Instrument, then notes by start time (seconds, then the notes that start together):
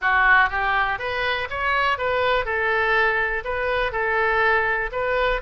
oboe
0.01 F#4
0.49 G4
0.98 B4
1.50 C#5
1.98 B4
2.45 A4
3.44 B4
3.91 A4
4.92 B4